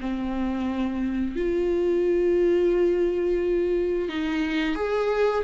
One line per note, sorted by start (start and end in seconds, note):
0.00 1.36 C4
1.36 4.08 F4
4.08 4.75 D#4
4.75 5.43 G#4